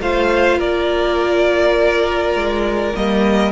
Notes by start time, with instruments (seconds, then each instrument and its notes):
0.00 cello A3, viola F4, violin C5 F5
0.58 cello A#3, violin A#4 D5
2.35 cello G#3
2.95 cello G3, viola A#3, violin D#5